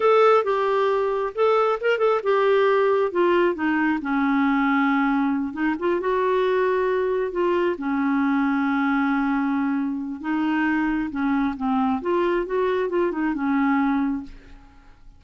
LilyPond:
\new Staff \with { instrumentName = "clarinet" } { \time 4/4 \tempo 4 = 135 a'4 g'2 a'4 | ais'8 a'8 g'2 f'4 | dis'4 cis'2.~ | cis'8 dis'8 f'8 fis'2~ fis'8~ |
fis'8 f'4 cis'2~ cis'8~ | cis'2. dis'4~ | dis'4 cis'4 c'4 f'4 | fis'4 f'8 dis'8 cis'2 | }